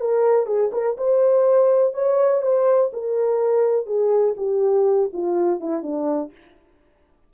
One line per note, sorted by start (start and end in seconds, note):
0.00 0.46 A#4
0.46 0.70 G#4
0.72 0.96 A#4
0.97 1.94 C5
1.94 2.42 C#5
2.42 2.91 C5
2.93 3.86 A#4
3.86 4.35 G#4
4.37 5.10 G4
5.13 5.60 F4
5.60 5.82 E4
5.82 6.31 D4